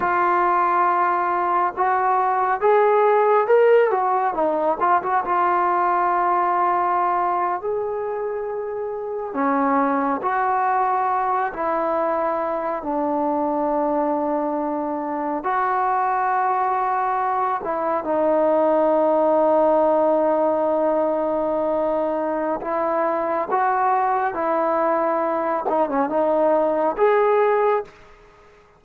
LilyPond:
\new Staff \with { instrumentName = "trombone" } { \time 4/4 \tempo 4 = 69 f'2 fis'4 gis'4 | ais'8 fis'8 dis'8 f'16 fis'16 f'2~ | f'8. gis'2 cis'4 fis'16~ | fis'4~ fis'16 e'4. d'4~ d'16~ |
d'4.~ d'16 fis'2~ fis'16~ | fis'16 e'8 dis'2.~ dis'16~ | dis'2 e'4 fis'4 | e'4. dis'16 cis'16 dis'4 gis'4 | }